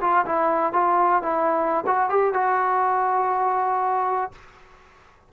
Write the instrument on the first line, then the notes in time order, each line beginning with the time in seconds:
trombone
0.00 F4
0.25 E4
0.72 F4
1.22 E4
1.86 F#4
2.09 G4
2.33 F#4